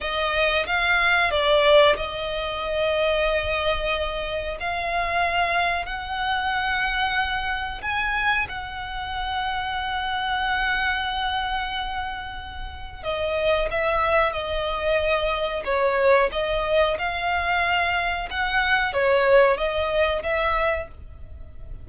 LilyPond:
\new Staff \with { instrumentName = "violin" } { \time 4/4 \tempo 4 = 92 dis''4 f''4 d''4 dis''4~ | dis''2. f''4~ | f''4 fis''2. | gis''4 fis''2.~ |
fis''1 | dis''4 e''4 dis''2 | cis''4 dis''4 f''2 | fis''4 cis''4 dis''4 e''4 | }